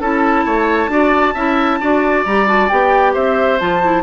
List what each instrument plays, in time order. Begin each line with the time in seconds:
0.00 bassoon C#4, clarinet E4, oboe A4, flute A5
0.45 bassoon A3, oboe C#5
0.88 bassoon D4, clarinet F#4, oboe D5
1.34 bassoon C#4, clarinet E4, oboe E5
1.80 bassoon D4, clarinet F#4, oboe D5
2.25 bassoon G3, clarinet G4, flute A#5
2.46 clarinet F#4, flute A5
2.68 bassoon B3, clarinet G4, flute G5
3.13 bassoon C4, oboe C5, flute E5
3.59 bassoon F3, clarinet F4, flute A5
3.83 clarinet E4